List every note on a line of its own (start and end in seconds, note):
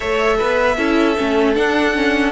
0.00 0.40 A3
0.00 0.76 A4
0.00 0.37 C#5
0.00 1.55 E5
0.37 0.77 B3
0.37 0.76 B4
0.77 1.16 C#4
0.77 1.16 E4
0.77 2.32 A4
1.17 1.57 A3
1.17 1.55 C#4
1.55 1.94 D4
1.55 2.32 D4
1.55 2.32 F#5
1.94 2.32 C#4